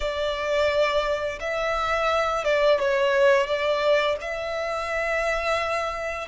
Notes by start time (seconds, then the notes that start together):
0.00 D5
1.40 E5
2.44 D5
2.79 C#5
3.46 D5
4.21 E5